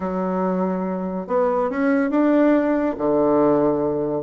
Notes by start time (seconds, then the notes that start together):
0.00 F#3
1.27 B3
1.70 C#4
2.10 D4
2.97 D3